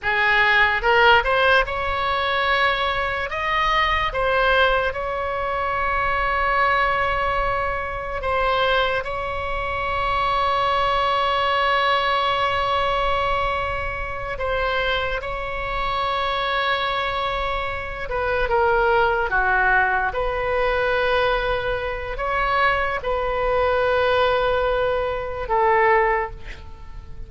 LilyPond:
\new Staff \with { instrumentName = "oboe" } { \time 4/4 \tempo 4 = 73 gis'4 ais'8 c''8 cis''2 | dis''4 c''4 cis''2~ | cis''2 c''4 cis''4~ | cis''1~ |
cis''4. c''4 cis''4.~ | cis''2 b'8 ais'4 fis'8~ | fis'8 b'2~ b'8 cis''4 | b'2. a'4 | }